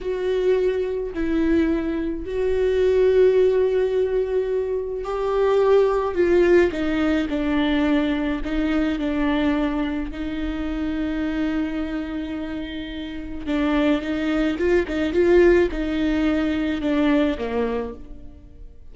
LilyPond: \new Staff \with { instrumentName = "viola" } { \time 4/4 \tempo 4 = 107 fis'2 e'2 | fis'1~ | fis'4 g'2 f'4 | dis'4 d'2 dis'4 |
d'2 dis'2~ | dis'1 | d'4 dis'4 f'8 dis'8 f'4 | dis'2 d'4 ais4 | }